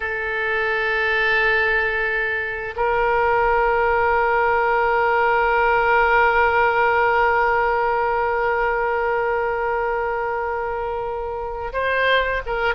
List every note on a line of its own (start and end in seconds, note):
0.00 2.74 A4
2.76 11.72 A#4
11.72 12.41 C5
12.45 12.75 A#4